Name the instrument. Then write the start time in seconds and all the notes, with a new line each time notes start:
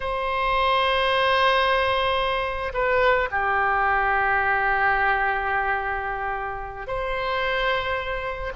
oboe
0.00 C5
2.73 B4
3.31 G4
6.87 C5